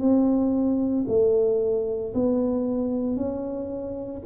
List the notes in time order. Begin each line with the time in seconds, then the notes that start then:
0.00 C4
1.08 A3
2.14 B3
3.16 C#4